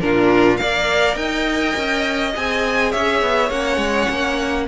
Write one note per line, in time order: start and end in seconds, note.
0.00 0.59 A#2
0.00 0.59 D4
0.00 0.61 F4
0.00 0.57 A#4
0.57 1.16 A#3
0.57 2.33 A#4
0.57 1.19 D5
0.57 1.16 F5
1.16 1.75 D#4
1.16 2.91 D#5
1.16 2.33 G5
1.76 2.34 C#4
2.36 2.94 C4
2.36 3.51 G#4
2.36 2.92 G#5
2.91 3.22 C#4
2.91 4.66 C#5
2.91 3.50 E5
3.22 3.50 B3
3.50 3.77 A#3
3.50 4.68 C#4
3.50 4.67 F#5
3.77 4.06 G#3
4.10 4.68 A#3